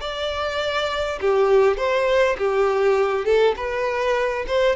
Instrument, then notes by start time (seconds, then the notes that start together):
violin
0.00 D5
1.21 G4
1.77 C5
2.38 G4
3.25 A4
3.56 B4
4.47 C5